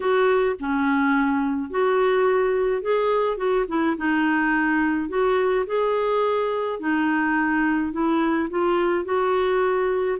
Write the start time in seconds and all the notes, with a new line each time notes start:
0.00 F#4
0.59 C#4
1.70 F#4
2.81 G#4
3.37 F#4
3.68 E4
3.97 D#4
5.08 F#4
5.66 G#4
6.79 D#4
7.92 E4
8.50 F4
9.04 F#4